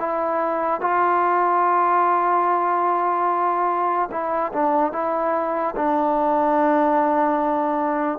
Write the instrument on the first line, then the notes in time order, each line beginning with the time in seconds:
trombone
0.00 E4
0.81 F4
4.12 E4
4.53 D4
4.93 E4
5.77 D4